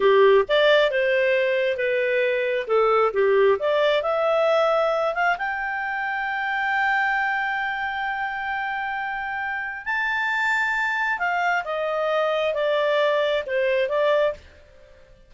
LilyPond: \new Staff \with { instrumentName = "clarinet" } { \time 4/4 \tempo 4 = 134 g'4 d''4 c''2 | b'2 a'4 g'4 | d''4 e''2~ e''8 f''8 | g''1~ |
g''1~ | g''2 a''2~ | a''4 f''4 dis''2 | d''2 c''4 d''4 | }